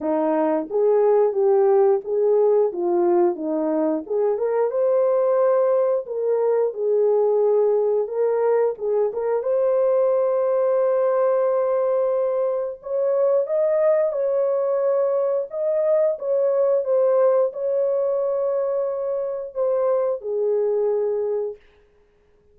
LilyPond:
\new Staff \with { instrumentName = "horn" } { \time 4/4 \tempo 4 = 89 dis'4 gis'4 g'4 gis'4 | f'4 dis'4 gis'8 ais'8 c''4~ | c''4 ais'4 gis'2 | ais'4 gis'8 ais'8 c''2~ |
c''2. cis''4 | dis''4 cis''2 dis''4 | cis''4 c''4 cis''2~ | cis''4 c''4 gis'2 | }